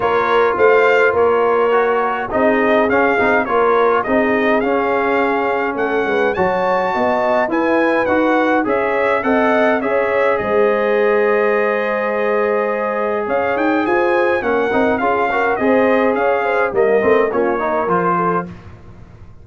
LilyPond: <<
  \new Staff \with { instrumentName = "trumpet" } { \time 4/4 \tempo 4 = 104 cis''4 f''4 cis''2 | dis''4 f''4 cis''4 dis''4 | f''2 fis''4 a''4~ | a''4 gis''4 fis''4 e''4 |
fis''4 e''4 dis''2~ | dis''2. f''8 g''8 | gis''4 fis''4 f''4 dis''4 | f''4 dis''4 cis''4 c''4 | }
  \new Staff \with { instrumentName = "horn" } { \time 4/4 ais'4 c''4 ais'2 | gis'2 ais'4 gis'4~ | gis'2 a'8 b'8 cis''4 | dis''4 b'2 cis''4 |
dis''4 cis''4 c''2~ | c''2. cis''4 | c''4 ais'4 gis'8 ais'8 c''4 | cis''8 c''8 ais'4 f'8 ais'4 a'8 | }
  \new Staff \with { instrumentName = "trombone" } { \time 4/4 f'2. fis'4 | dis'4 cis'8 dis'8 f'4 dis'4 | cis'2. fis'4~ | fis'4 e'4 fis'4 gis'4 |
a'4 gis'2.~ | gis'1~ | gis'4 cis'8 dis'8 f'8 fis'8 gis'4~ | gis'4 ais8 c'8 cis'8 dis'8 f'4 | }
  \new Staff \with { instrumentName = "tuba" } { \time 4/4 ais4 a4 ais2 | c'4 cis'8 c'8 ais4 c'4 | cis'2 a8 gis8 fis4 | b4 e'4 dis'4 cis'4 |
c'4 cis'4 gis2~ | gis2. cis'8 dis'8 | f'4 ais8 c'8 cis'4 c'4 | cis'4 g8 a8 ais4 f4 | }
>>